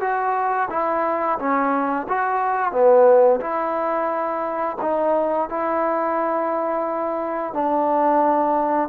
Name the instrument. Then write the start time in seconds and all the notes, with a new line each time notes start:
trombone
0.00 F#4
0.70 E4
1.38 C#4
2.08 F#4
2.71 B3
3.40 E4
4.81 D#4
5.49 E4
7.53 D4